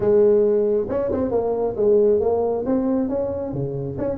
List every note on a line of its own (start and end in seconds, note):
0.00 0.87 G#3
0.89 1.11 C#4
1.11 1.31 C4
1.31 1.75 A#3
1.76 2.20 G#3
2.20 2.64 A#3
2.65 3.08 C4
3.08 3.53 C#4
3.53 3.97 C#3
3.97 4.17 C#4